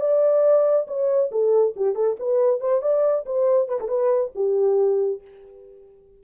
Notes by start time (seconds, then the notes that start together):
0.00 D5
0.87 C#5
1.31 A4
1.76 G4
1.95 A4
2.19 B4
2.60 C5
2.82 D5
3.26 C5
3.68 B4
3.80 A4
3.88 B4
4.35 G4